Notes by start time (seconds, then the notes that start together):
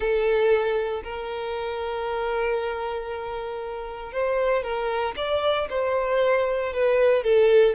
0.00 A4
1.03 A#4
4.12 C5
4.63 A#4
5.16 D5
5.69 C5
6.73 B4
7.23 A4